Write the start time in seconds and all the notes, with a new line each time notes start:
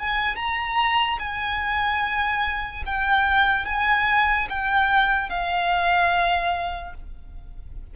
0.00 G#5
0.36 A#5
1.19 G#5
2.86 G5
3.66 G#5
4.50 G5
5.30 F5